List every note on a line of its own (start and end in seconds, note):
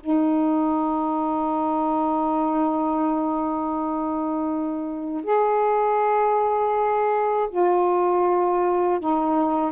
0.00 5.24 D#4
5.24 7.49 G#4
7.50 9.00 F4
9.00 9.72 D#4